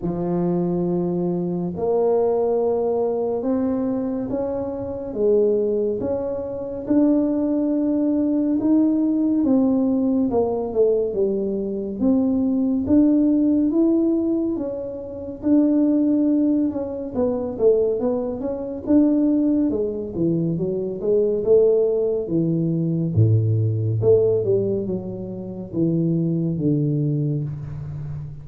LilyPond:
\new Staff \with { instrumentName = "tuba" } { \time 4/4 \tempo 4 = 70 f2 ais2 | c'4 cis'4 gis4 cis'4 | d'2 dis'4 c'4 | ais8 a8 g4 c'4 d'4 |
e'4 cis'4 d'4. cis'8 | b8 a8 b8 cis'8 d'4 gis8 e8 | fis8 gis8 a4 e4 a,4 | a8 g8 fis4 e4 d4 | }